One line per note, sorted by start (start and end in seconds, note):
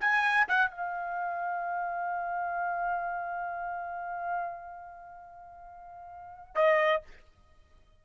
0.00 0.47 G#5
0.48 0.70 F#5
0.70 6.55 F5
6.55 7.02 D#5